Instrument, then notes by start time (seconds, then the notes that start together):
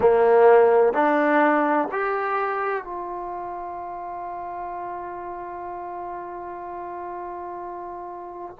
trombone
0.00 A#3
0.93 D4
1.91 G4
2.84 F4